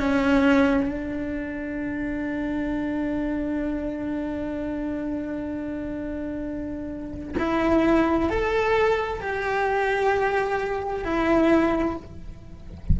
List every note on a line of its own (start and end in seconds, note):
0.00 0.89 C#4
0.89 7.35 D4
7.39 8.30 E4
8.30 9.21 A4
9.21 11.04 G4
11.04 11.97 E4